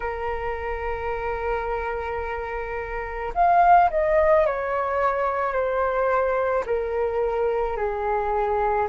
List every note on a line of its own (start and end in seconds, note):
0.00 3.33 A#4
3.34 3.89 F5
3.90 4.45 D#5
4.45 5.53 C#5
5.53 6.64 C5
6.66 7.76 A#4
7.76 8.87 G#4